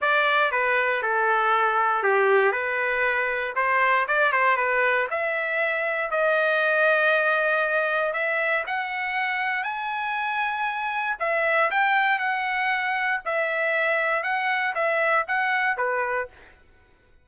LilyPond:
\new Staff \with { instrumentName = "trumpet" } { \time 4/4 \tempo 4 = 118 d''4 b'4 a'2 | g'4 b'2 c''4 | d''8 c''8 b'4 e''2 | dis''1 |
e''4 fis''2 gis''4~ | gis''2 e''4 g''4 | fis''2 e''2 | fis''4 e''4 fis''4 b'4 | }